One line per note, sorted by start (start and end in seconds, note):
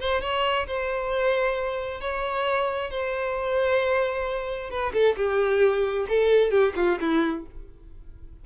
0.00 0.21 C5
0.21 0.66 C#5
0.67 2.01 C5
2.01 2.91 C#5
2.91 4.70 C5
4.70 4.93 B4
4.93 5.16 A4
5.17 6.07 G4
6.09 6.51 A4
6.51 6.73 G4
6.76 6.99 F4
7.01 7.46 E4